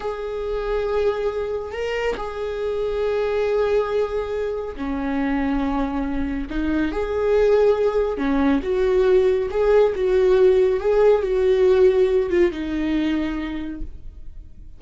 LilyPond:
\new Staff \with { instrumentName = "viola" } { \time 4/4 \tempo 4 = 139 gis'1 | ais'4 gis'2.~ | gis'2. cis'4~ | cis'2. dis'4 |
gis'2. cis'4 | fis'2 gis'4 fis'4~ | fis'4 gis'4 fis'2~ | fis'8 f'8 dis'2. | }